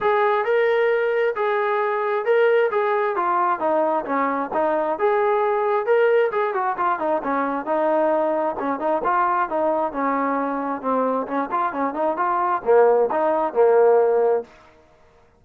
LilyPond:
\new Staff \with { instrumentName = "trombone" } { \time 4/4 \tempo 4 = 133 gis'4 ais'2 gis'4~ | gis'4 ais'4 gis'4 f'4 | dis'4 cis'4 dis'4 gis'4~ | gis'4 ais'4 gis'8 fis'8 f'8 dis'8 |
cis'4 dis'2 cis'8 dis'8 | f'4 dis'4 cis'2 | c'4 cis'8 f'8 cis'8 dis'8 f'4 | ais4 dis'4 ais2 | }